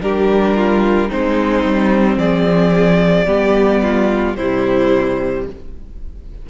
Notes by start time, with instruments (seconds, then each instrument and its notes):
0.00 cello G3, viola D4, violin G4 A#4
0.56 violin F4
1.08 cello G#3, viola C4, violin D#4 C5
1.63 cello G3
2.16 cello F3, violin G#4 D5
3.26 cello G3, viola B3, violin G4
3.82 violin F4
4.35 cello C3, viola G3, violin E4 C5